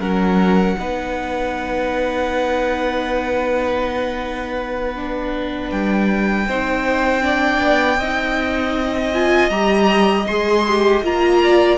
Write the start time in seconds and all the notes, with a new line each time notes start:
0.00 F#3 C#4 A#4 F#5
0.79 B3 D#4 B4
4.95 D4
5.71 G3 G5
6.47 C4 D#4 C5
7.22 D4 D5
7.60 B3
7.98 C4 D#4 D#5
9.13 F4 G#5
9.50 G3 G4 A#5
10.27 G#3 G#4 C6
10.68 G4
11.02 A#3 F4 A#5
11.43 D5